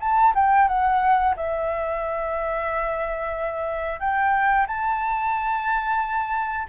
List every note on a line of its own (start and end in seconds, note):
0.00 0.33 A5
0.35 0.68 G5
0.68 1.35 F#5
1.36 4.00 E5
4.00 4.67 G5
4.67 6.67 A5